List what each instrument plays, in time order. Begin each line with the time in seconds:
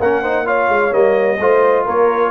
0.00 tuba A#3, trombone C#4, horn A#4, trumpet F#5
0.22 trombone D#4, horn C5
0.45 trombone F4, horn C#5, trumpet F5
0.69 tuba G#3
0.91 tuba G3, trombone A#3, trumpet D#5
1.40 tuba A3, trombone F4, horn C5
1.86 tuba A#3, horn A#4, trumpet C#5